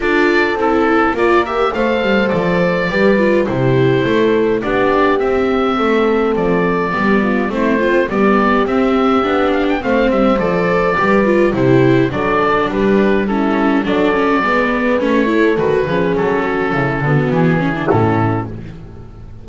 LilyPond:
<<
  \new Staff \with { instrumentName = "oboe" } { \time 4/4 \tempo 4 = 104 d''4 a'4 d''8 e''8 f''4 | d''2 c''2 | d''4 e''2 d''4~ | d''4 c''4 d''4 e''4~ |
e''8 f''16 g''16 f''8 e''8 d''2 | c''4 d''4 b'4 a'4 | d''2 cis''4 b'4 | a'2 gis'4 a'4 | }
  \new Staff \with { instrumentName = "horn" } { \time 4/4 a'2 ais'4 c''4~ | c''4 b'4 g'4 a'4 | g'2 a'2 | g'8 f'8 e'8 c'8 g'2~ |
g'4 c''2 b'4 | g'4 a'4 g'4 e'4 | a'4 b'4. a'4 gis'8~ | gis'8 fis'8 e'8 fis'4 e'4. | }
  \new Staff \with { instrumentName = "viola" } { \time 4/4 f'4 e'4 f'8 g'8 a'4~ | a'4 g'8 f'8 e'2 | d'4 c'2. | b4 c'8 f'8 b4 c'4 |
d'4 c'4 a'4 g'8 f'8 | e'4 d'2 cis'4 | d'8 cis'8 b4 cis'8 e'8 fis'8 cis'8~ | cis'4. b4 cis'16 d'16 cis'4 | }
  \new Staff \with { instrumentName = "double bass" } { \time 4/4 d'4 c'4 ais4 a8 g8 | f4 g4 c4 a4 | b4 c'4 a4 f4 | g4 a4 g4 c'4 |
b4 a8 g8 f4 g4 | c4 fis4 g2 | fis4 gis4 a4 dis8 f8 | fis4 cis8 d8 e4 a,4 | }
>>